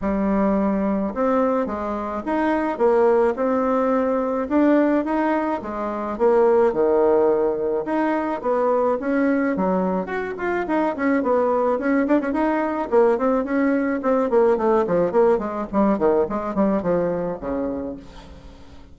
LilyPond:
\new Staff \with { instrumentName = "bassoon" } { \time 4/4 \tempo 4 = 107 g2 c'4 gis4 | dis'4 ais4 c'2 | d'4 dis'4 gis4 ais4 | dis2 dis'4 b4 |
cis'4 fis4 fis'8 f'8 dis'8 cis'8 | b4 cis'8 d'16 cis'16 dis'4 ais8 c'8 | cis'4 c'8 ais8 a8 f8 ais8 gis8 | g8 dis8 gis8 g8 f4 cis4 | }